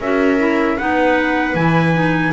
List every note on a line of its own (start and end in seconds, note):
0.00 0.78 C#4
0.00 0.39 F#4
0.00 0.78 A#4
0.00 0.78 E5
0.39 0.78 E4
0.78 1.55 B3
0.78 1.56 D#4
0.78 2.33 B4
0.78 1.55 F#5
1.55 2.33 E3
1.55 1.94 E4
1.55 2.33 G#5
1.94 2.33 D#4